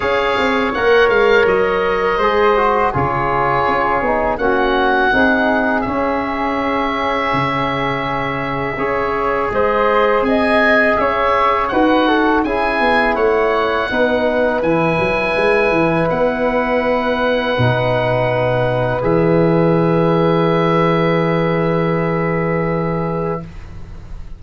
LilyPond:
<<
  \new Staff \with { instrumentName = "oboe" } { \time 4/4 \tempo 4 = 82 f''4 fis''8 f''8 dis''2 | cis''2 fis''2 | e''1~ | e''4 dis''4 gis''4 e''4 |
fis''4 gis''4 fis''2 | gis''2 fis''2~ | fis''2 e''2~ | e''1 | }
  \new Staff \with { instrumentName = "flute" } { \time 4/4 cis''2. c''4 | gis'2 fis'4 gis'4~ | gis'1 | cis''4 c''4 dis''4 cis''4 |
b'8 a'8 gis'4 cis''4 b'4~ | b'1~ | b'1~ | b'1 | }
  \new Staff \with { instrumentName = "trombone" } { \time 4/4 gis'4 ais'2 gis'8 fis'8 | f'4. dis'8 cis'4 dis'4 | cis'1 | gis'1 |
fis'4 e'2 dis'4 | e'1 | dis'2 gis'2~ | gis'1 | }
  \new Staff \with { instrumentName = "tuba" } { \time 4/4 cis'8 c'8 ais8 gis8 fis4 gis4 | cis4 cis'8 b8 ais4 c'4 | cis'2 cis2 | cis'4 gis4 c'4 cis'4 |
dis'4 cis'8 b8 a4 b4 | e8 fis8 gis8 e8 b2 | b,2 e2~ | e1 | }
>>